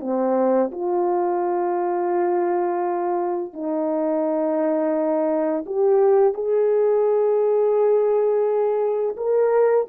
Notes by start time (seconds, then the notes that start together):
0.00 C4
0.72 F4
3.53 D#4
5.66 G4
6.33 G#4
9.16 A#4